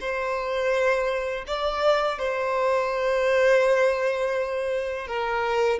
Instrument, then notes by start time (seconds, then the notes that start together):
violin
0.00 C5
1.47 D5
2.19 C5
5.07 A#4